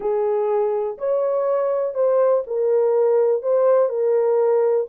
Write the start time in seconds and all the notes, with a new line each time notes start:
0.00 G#4
0.98 C#5
1.94 C5
2.46 A#4
3.42 C5
3.89 A#4